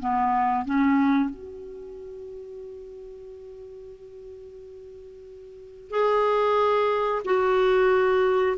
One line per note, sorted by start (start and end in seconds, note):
0.00 0.66 B3
0.66 1.30 C#4
1.30 5.91 F#4
5.91 7.23 G#4
7.25 8.57 F#4